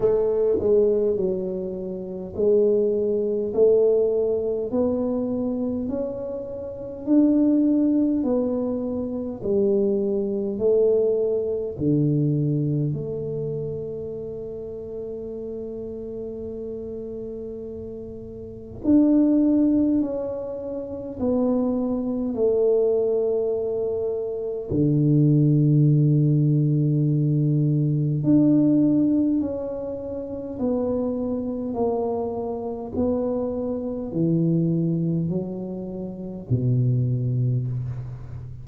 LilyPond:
\new Staff \with { instrumentName = "tuba" } { \time 4/4 \tempo 4 = 51 a8 gis8 fis4 gis4 a4 | b4 cis'4 d'4 b4 | g4 a4 d4 a4~ | a1 |
d'4 cis'4 b4 a4~ | a4 d2. | d'4 cis'4 b4 ais4 | b4 e4 fis4 b,4 | }